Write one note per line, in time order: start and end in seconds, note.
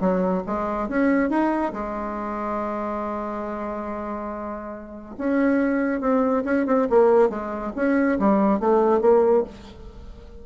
0.00 0.43 F#3
0.47 0.89 G#3
0.89 1.30 C#4
1.30 1.72 D#4
1.73 5.15 G#3
5.18 6.01 C#4
6.01 6.43 C4
6.45 6.66 C#4
6.66 6.87 C4
6.90 7.29 A#3
7.29 7.72 G#3
7.76 8.18 C#4
8.19 8.60 G3
8.60 9.01 A3
9.01 9.44 A#3